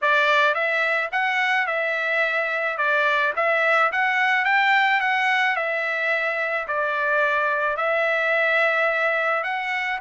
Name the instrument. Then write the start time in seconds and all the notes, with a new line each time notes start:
trumpet
0.01 D5
0.54 E5
1.12 F#5
1.66 E5
2.77 D5
3.36 E5
3.91 F#5
4.44 G5
5.00 F#5
5.56 E5
6.67 D5
7.76 E5
9.43 F#5